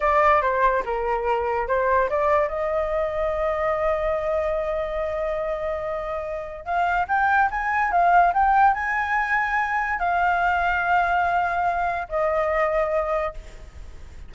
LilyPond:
\new Staff \with { instrumentName = "flute" } { \time 4/4 \tempo 4 = 144 d''4 c''4 ais'2 | c''4 d''4 dis''2~ | dis''1~ | dis''1 |
f''4 g''4 gis''4 f''4 | g''4 gis''2. | f''1~ | f''4 dis''2. | }